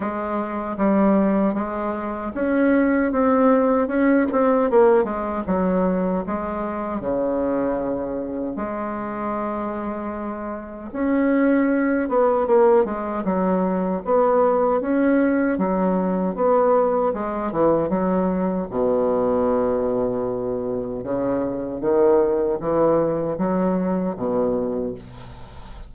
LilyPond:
\new Staff \with { instrumentName = "bassoon" } { \time 4/4 \tempo 4 = 77 gis4 g4 gis4 cis'4 | c'4 cis'8 c'8 ais8 gis8 fis4 | gis4 cis2 gis4~ | gis2 cis'4. b8 |
ais8 gis8 fis4 b4 cis'4 | fis4 b4 gis8 e8 fis4 | b,2. cis4 | dis4 e4 fis4 b,4 | }